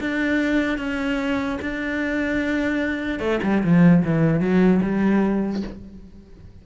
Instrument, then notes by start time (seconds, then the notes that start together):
cello
0.00 D4
0.78 C#4
1.61 D4
3.19 A3
3.43 G3
3.63 F3
4.04 E3
4.40 F#3
4.82 G3